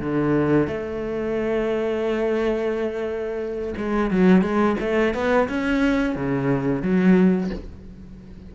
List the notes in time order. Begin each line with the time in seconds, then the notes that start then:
0.00 D3
0.67 A3
3.77 G#3
4.10 F#3
4.42 G#3
4.80 A3
5.14 B3
5.48 C#4
6.15 C#3
6.82 F#3